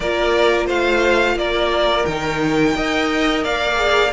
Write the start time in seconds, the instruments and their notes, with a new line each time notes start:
0.00 cello A#3, viola F4, violin A#4 D5
0.66 cello A3, violin C5 F5
1.35 cello A#3, violin A#4 D5
2.05 cello D#3, viola D#4, violin G5
2.75 cello D#4, viola A#4, violin D#5
3.43 cello A#3, violin D5 F5
3.76 viola G#4